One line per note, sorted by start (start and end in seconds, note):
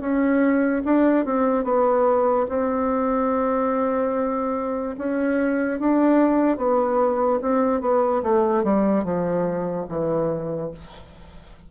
0.00 0.82 C#4
0.84 1.25 D4
1.25 1.64 C4
1.64 2.46 B3
2.49 4.95 C4
4.98 5.79 C#4
5.79 6.57 D4
6.57 7.39 B3
7.41 7.81 C4
7.81 8.22 B3
8.23 8.63 A3
8.63 9.04 G3
9.04 9.86 F3
9.88 10.70 E3